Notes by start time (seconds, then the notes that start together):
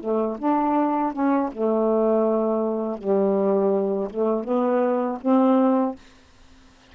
0.00 A3
0.38 D4
1.13 C#4
1.52 A3
2.98 G3
4.10 A3
4.44 B3
5.21 C4